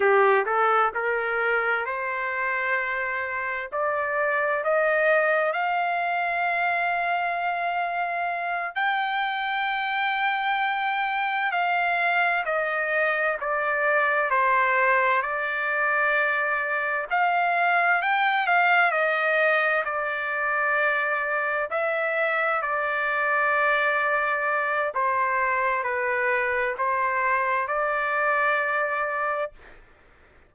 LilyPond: \new Staff \with { instrumentName = "trumpet" } { \time 4/4 \tempo 4 = 65 g'8 a'8 ais'4 c''2 | d''4 dis''4 f''2~ | f''4. g''2~ g''8~ | g''8 f''4 dis''4 d''4 c''8~ |
c''8 d''2 f''4 g''8 | f''8 dis''4 d''2 e''8~ | e''8 d''2~ d''8 c''4 | b'4 c''4 d''2 | }